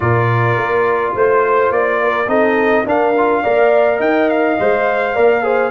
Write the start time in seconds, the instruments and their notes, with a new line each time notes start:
0.00 tuba A#2, trombone F4, horn A#4, trumpet D5
0.57 tuba A#3
1.14 tuba A3, horn C5, trumpet C5
1.70 tuba A#3, trumpet D5
2.02 horn A#4
2.27 tuba C4, trombone D#4, horn A4, trumpet D#5
2.85 trombone D4, tuba D4, horn A#4, trumpet F5
3.17 trombone F4
3.42 tuba A#3, trombone A#4, horn D5
3.97 tuba D#4, horn D#5, trumpet G5
4.29 trumpet F5
4.59 tuba G#3, trombone C5
5.13 tuba A#3, trombone A#4, horn D5
5.42 trombone G#4, horn C5